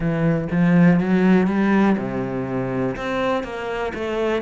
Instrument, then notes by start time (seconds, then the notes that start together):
cello
0.00 E3
0.51 F3
1.00 F#3
1.47 G3
1.97 C3
2.96 C4
3.43 A#3
3.94 A3